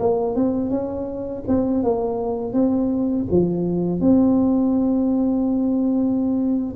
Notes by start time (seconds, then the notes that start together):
0.00 A#3
0.36 C4
0.71 C#4
1.48 C4
1.84 A#3
2.53 C4
3.31 F3
4.01 C4